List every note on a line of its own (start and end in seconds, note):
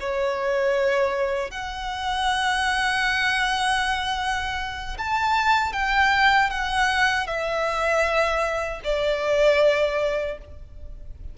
0.00 1.51 C#5
1.51 4.97 F#5
4.98 5.73 A5
5.73 6.50 G5
6.50 7.27 F#5
7.27 8.81 E5
8.84 10.38 D5